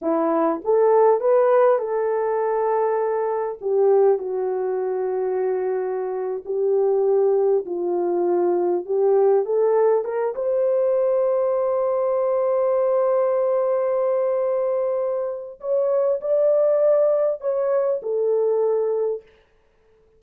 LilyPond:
\new Staff \with { instrumentName = "horn" } { \time 4/4 \tempo 4 = 100 e'4 a'4 b'4 a'4~ | a'2 g'4 fis'4~ | fis'2~ fis'8. g'4~ g'16~ | g'8. f'2 g'4 a'16~ |
a'8. ais'8 c''2~ c''8.~ | c''1~ | c''2 cis''4 d''4~ | d''4 cis''4 a'2 | }